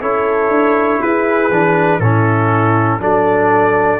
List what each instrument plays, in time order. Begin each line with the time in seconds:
0.00 tuba C#4, trombone E4, horn A4, trumpet C#5
0.49 tuba D4
1.00 tuba E4, horn G#4, trumpet B4
1.50 tuba E3, trombone D4
1.99 tuba A2, trombone C#4, horn E4, trumpet A4
2.99 tuba F#3, trombone D4, horn A4, trumpet D5